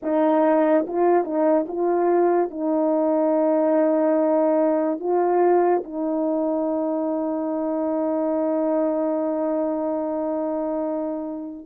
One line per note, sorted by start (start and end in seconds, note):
0.02 0.86 D#4
0.87 1.24 F4
1.24 1.66 D#4
1.68 2.50 F4
2.50 4.99 D#4
4.99 5.83 F4
5.83 11.66 D#4